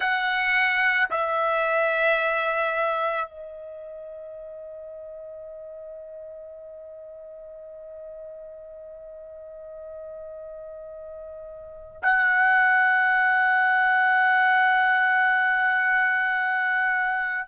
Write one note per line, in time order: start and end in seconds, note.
0.00 1.09 F#5
1.10 3.28 E5
3.28 12.01 D#5
12.02 17.47 F#5